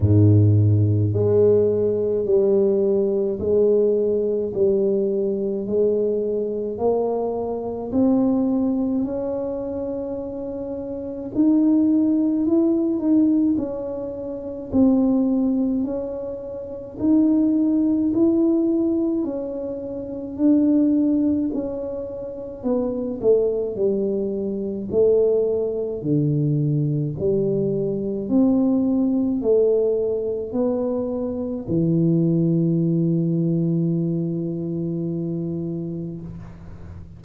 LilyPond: \new Staff \with { instrumentName = "tuba" } { \time 4/4 \tempo 4 = 53 gis,4 gis4 g4 gis4 | g4 gis4 ais4 c'4 | cis'2 dis'4 e'8 dis'8 | cis'4 c'4 cis'4 dis'4 |
e'4 cis'4 d'4 cis'4 | b8 a8 g4 a4 d4 | g4 c'4 a4 b4 | e1 | }